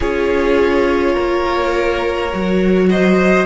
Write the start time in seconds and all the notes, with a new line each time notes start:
0.00 C#4 F4 G#4 C#5
1.12 A#3 A#4
2.31 F#3 F#4
2.89 C5 D#5